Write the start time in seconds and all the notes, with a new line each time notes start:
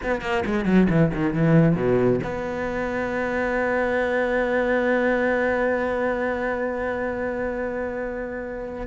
0.03 B3
0.21 A#3
0.45 G#3
0.65 F#3
0.89 E3
1.13 D#3
1.33 E3
1.75 B2
2.23 B3